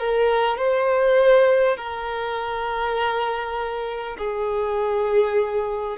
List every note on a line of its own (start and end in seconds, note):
0.00 0.58 A#4
0.58 1.77 C5
1.77 4.17 A#4
4.19 5.98 G#4